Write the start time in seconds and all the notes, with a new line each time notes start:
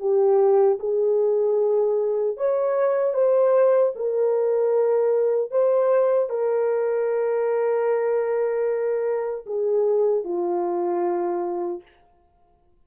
0.00 G4
0.79 G#4
2.37 C#5
3.14 C5
3.95 A#4
5.51 C5
6.29 A#4
9.46 G#4
10.24 F4